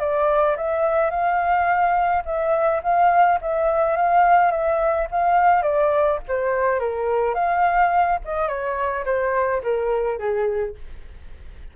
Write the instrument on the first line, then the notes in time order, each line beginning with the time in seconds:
flute
0.00 D5
0.57 E5
1.11 F5
2.25 E5
2.83 F5
3.41 E5
3.96 F5
4.51 E5
5.11 F5
5.62 D5
6.28 C5
6.80 A#4
7.35 F5
8.25 D#5
8.48 C#5
9.05 C5
9.63 A#4
10.19 G#4